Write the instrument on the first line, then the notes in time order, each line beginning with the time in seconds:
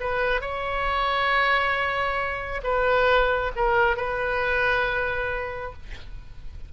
oboe
0.00 B4
0.41 C#5
2.63 B4
3.55 A#4
3.96 B4